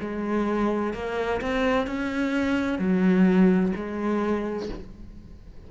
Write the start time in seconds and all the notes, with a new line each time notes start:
0.00 G#3
0.94 A#3
1.41 C4
1.87 C#4
2.79 F#3
3.75 G#3